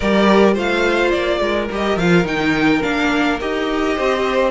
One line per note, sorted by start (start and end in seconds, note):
0.00 0.56 G3
0.00 0.55 G4
0.00 0.54 A#4
0.00 0.55 D5
0.54 1.13 A3
0.54 1.68 F4
0.54 1.38 C5
0.54 1.10 F5
1.10 1.40 A#3
1.10 1.67 D5
1.40 1.68 G#3
1.40 3.95 A#4
1.71 1.96 G3
1.71 1.99 G4
1.71 1.98 D#5
1.96 2.24 F3
1.96 2.24 F4
1.96 2.26 F5
2.24 2.81 D#3
2.24 2.81 D#4
2.24 2.82 G5
2.82 3.40 A#3
2.82 3.39 D4
2.82 3.39 F5
3.40 3.98 D#4
3.40 4.50 G4
3.40 4.50 D#5
3.95 4.50 C4
3.95 4.50 C5